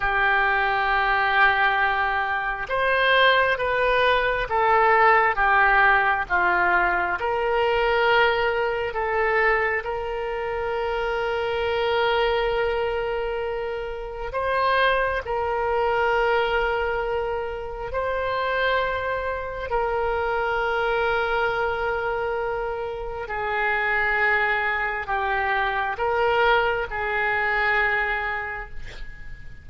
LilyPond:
\new Staff \with { instrumentName = "oboe" } { \time 4/4 \tempo 4 = 67 g'2. c''4 | b'4 a'4 g'4 f'4 | ais'2 a'4 ais'4~ | ais'1 |
c''4 ais'2. | c''2 ais'2~ | ais'2 gis'2 | g'4 ais'4 gis'2 | }